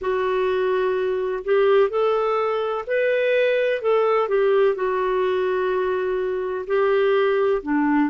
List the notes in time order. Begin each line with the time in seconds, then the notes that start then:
0.01 F#4
1.44 G4
1.89 A4
2.86 B4
3.81 A4
4.28 G4
4.75 F#4
6.67 G4
7.62 D4